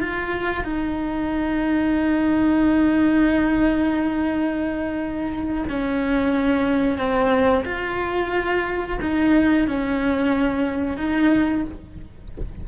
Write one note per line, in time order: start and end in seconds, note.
0.00 0.64 F4
0.64 5.64 D#4
5.68 6.97 C#4
6.97 7.64 C4
7.65 8.98 F4
9.01 9.67 D#4
9.67 10.97 C#4
10.97 11.63 D#4